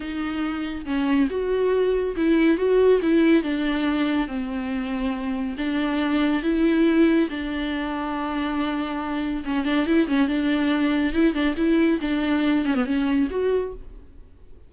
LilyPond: \new Staff \with { instrumentName = "viola" } { \time 4/4 \tempo 4 = 140 dis'2 cis'4 fis'4~ | fis'4 e'4 fis'4 e'4 | d'2 c'2~ | c'4 d'2 e'4~ |
e'4 d'2.~ | d'2 cis'8 d'8 e'8 cis'8 | d'2 e'8 d'8 e'4 | d'4. cis'16 b16 cis'4 fis'4 | }